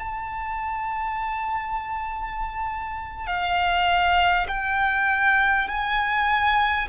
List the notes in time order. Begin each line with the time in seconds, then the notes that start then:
0.00 A5
3.27 F5
4.48 G5
5.68 G#5